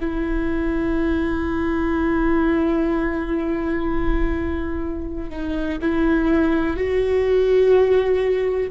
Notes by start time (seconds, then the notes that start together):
0.00 E4
5.30 D#4
5.81 E4
6.77 F#4